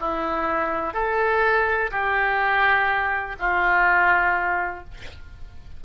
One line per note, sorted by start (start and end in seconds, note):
0.00 0.93 E4
0.93 1.90 A4
1.91 3.36 G4
3.39 4.84 F4